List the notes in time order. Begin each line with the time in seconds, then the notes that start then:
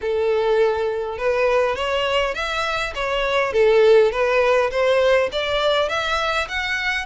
0.01 A4
1.18 B4
1.75 C#5
2.34 E5
2.94 C#5
3.52 A4
4.11 B4
4.70 C5
5.32 D5
5.88 E5
6.48 F#5